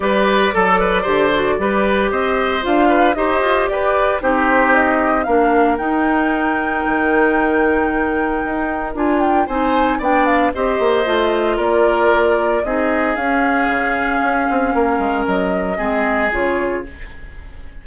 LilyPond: <<
  \new Staff \with { instrumentName = "flute" } { \time 4/4 \tempo 4 = 114 d''1 | dis''4 f''4 dis''4 d''4 | c''4 dis''4 f''4 g''4~ | g''1~ |
g''4 gis''8 g''8 gis''4 g''8 f''8 | dis''2 d''2 | dis''4 f''2.~ | f''4 dis''2 cis''4 | }
  \new Staff \with { instrumentName = "oboe" } { \time 4/4 b'4 a'8 b'8 c''4 b'4 | c''4. b'8 c''4 b'4 | g'2 ais'2~ | ais'1~ |
ais'2 c''4 d''4 | c''2 ais'2 | gis'1 | ais'2 gis'2 | }
  \new Staff \with { instrumentName = "clarinet" } { \time 4/4 g'4 a'4 g'8 fis'8 g'4~ | g'4 f'4 g'2 | dis'2 d'4 dis'4~ | dis'1~ |
dis'4 f'4 dis'4 d'4 | g'4 f'2. | dis'4 cis'2.~ | cis'2 c'4 f'4 | }
  \new Staff \with { instrumentName = "bassoon" } { \time 4/4 g4 fis4 d4 g4 | c'4 d'4 dis'8 f'8 g'4 | c'2 ais4 dis'4~ | dis'4 dis2. |
dis'4 d'4 c'4 b4 | c'8 ais8 a4 ais2 | c'4 cis'4 cis4 cis'8 c'8 | ais8 gis8 fis4 gis4 cis4 | }
>>